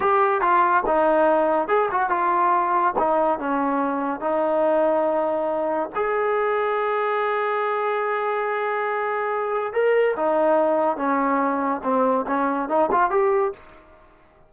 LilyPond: \new Staff \with { instrumentName = "trombone" } { \time 4/4 \tempo 4 = 142 g'4 f'4 dis'2 | gis'8 fis'8 f'2 dis'4 | cis'2 dis'2~ | dis'2 gis'2~ |
gis'1~ | gis'2. ais'4 | dis'2 cis'2 | c'4 cis'4 dis'8 f'8 g'4 | }